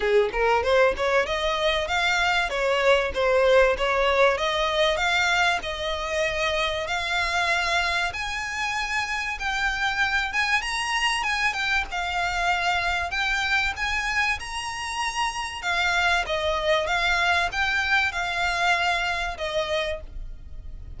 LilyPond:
\new Staff \with { instrumentName = "violin" } { \time 4/4 \tempo 4 = 96 gis'8 ais'8 c''8 cis''8 dis''4 f''4 | cis''4 c''4 cis''4 dis''4 | f''4 dis''2 f''4~ | f''4 gis''2 g''4~ |
g''8 gis''8 ais''4 gis''8 g''8 f''4~ | f''4 g''4 gis''4 ais''4~ | ais''4 f''4 dis''4 f''4 | g''4 f''2 dis''4 | }